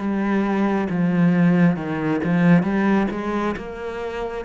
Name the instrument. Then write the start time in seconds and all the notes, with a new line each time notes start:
cello
0.00 G3
0.90 F3
1.76 D#3
2.24 F3
2.64 G3
3.12 G#3
3.57 A#3